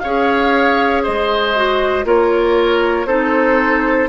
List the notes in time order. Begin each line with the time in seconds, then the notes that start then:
0.00 C#4 G#4 C#5 F5
1.04 G#3 C5 D#5
1.56 F#4
2.05 A#3 F4 A#4 C#5
3.06 C4 D#4 A4 C5